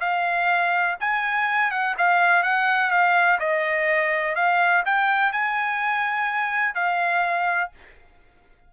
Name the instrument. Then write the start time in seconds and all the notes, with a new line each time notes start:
trumpet
0.00 F5
1.00 G#5
1.71 F#5
1.97 F5
2.43 F#5
2.90 F5
3.39 D#5
4.35 F5
4.85 G5
5.32 G#5
6.74 F5